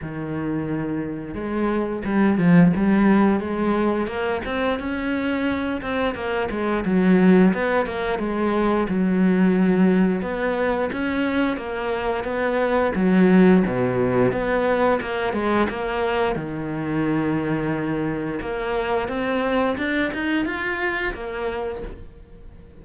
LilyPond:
\new Staff \with { instrumentName = "cello" } { \time 4/4 \tempo 4 = 88 dis2 gis4 g8 f8 | g4 gis4 ais8 c'8 cis'4~ | cis'8 c'8 ais8 gis8 fis4 b8 ais8 | gis4 fis2 b4 |
cis'4 ais4 b4 fis4 | b,4 b4 ais8 gis8 ais4 | dis2. ais4 | c'4 d'8 dis'8 f'4 ais4 | }